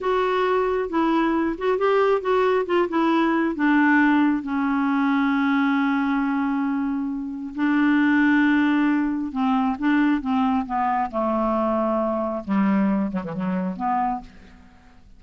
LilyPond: \new Staff \with { instrumentName = "clarinet" } { \time 4/4 \tempo 4 = 135 fis'2 e'4. fis'8 | g'4 fis'4 f'8 e'4. | d'2 cis'2~ | cis'1~ |
cis'4 d'2.~ | d'4 c'4 d'4 c'4 | b4 a2. | g4. fis16 e16 fis4 b4 | }